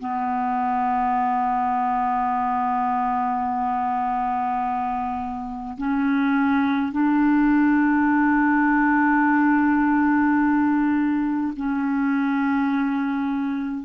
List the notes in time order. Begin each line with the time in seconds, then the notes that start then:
0.00 B3
5.77 C#4
6.92 D4
11.56 C#4